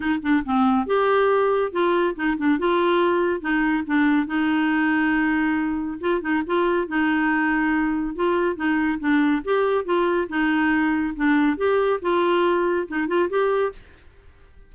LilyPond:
\new Staff \with { instrumentName = "clarinet" } { \time 4/4 \tempo 4 = 140 dis'8 d'8 c'4 g'2 | f'4 dis'8 d'8 f'2 | dis'4 d'4 dis'2~ | dis'2 f'8 dis'8 f'4 |
dis'2. f'4 | dis'4 d'4 g'4 f'4 | dis'2 d'4 g'4 | f'2 dis'8 f'8 g'4 | }